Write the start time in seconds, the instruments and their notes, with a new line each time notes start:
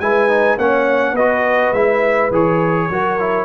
0.00 tuba G#3, trombone E4, horn B4, trumpet G#5
0.29 trombone D#4
0.57 tuba A#3, trombone C#4, horn C#5, trumpet F#5
1.13 tuba B3, trombone F#4, horn B4, trumpet D#5
1.72 tuba G#3, trombone E4, trumpet E5
2.31 tuba E3, trombone G#4, trumpet C#5
2.89 tuba F#3, trombone F#4, horn A#4
3.19 trombone E4